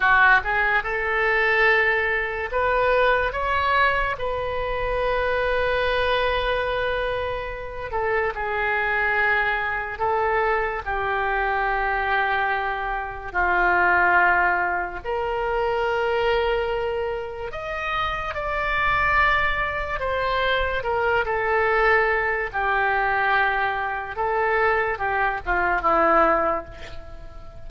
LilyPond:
\new Staff \with { instrumentName = "oboe" } { \time 4/4 \tempo 4 = 72 fis'8 gis'8 a'2 b'4 | cis''4 b'2.~ | b'4. a'8 gis'2 | a'4 g'2. |
f'2 ais'2~ | ais'4 dis''4 d''2 | c''4 ais'8 a'4. g'4~ | g'4 a'4 g'8 f'8 e'4 | }